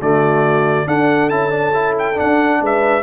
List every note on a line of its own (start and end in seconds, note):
0.00 0.87 D3
0.00 0.87 A3
0.00 0.87 F#4
0.00 0.87 D5
0.87 1.30 D4
0.87 2.61 A4
0.87 1.29 F#5
1.29 2.17 C#4
1.29 1.49 E4
1.29 1.94 A5
1.49 1.71 D4
1.73 2.14 E4
1.98 2.19 G5
2.14 3.01 D4
2.14 2.63 F#5
2.20 2.61 D4
2.61 3.03 G#3
2.61 3.03 B4
2.61 3.03 E5